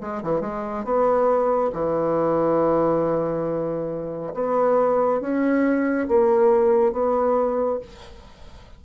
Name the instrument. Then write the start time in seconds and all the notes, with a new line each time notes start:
bassoon
0.00 G#3
0.22 E3
0.41 G#3
0.84 B3
1.72 E3
4.34 B3
5.20 C#4
6.08 A#3
6.92 B3